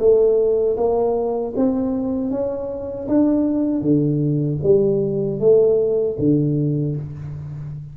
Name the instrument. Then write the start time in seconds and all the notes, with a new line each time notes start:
tuba
0.00 A3
0.77 A#3
1.57 C4
2.31 C#4
3.08 D4
3.82 D3
4.63 G3
5.40 A3
6.20 D3